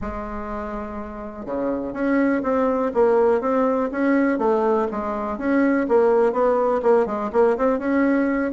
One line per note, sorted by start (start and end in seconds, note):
0.01 1.45 G#3
1.45 1.93 C#3
1.93 2.42 C#4
2.43 2.91 C4
2.94 3.41 A#3
3.41 3.89 C4
3.91 4.38 C#4
4.38 4.87 A3
4.91 5.37 G#3
5.37 5.86 C#4
5.88 6.32 A#3
6.32 6.81 B3
6.82 7.06 A#3
7.06 7.30 G#3
7.32 7.57 A#3
7.57 7.78 C4
7.78 8.51 C#4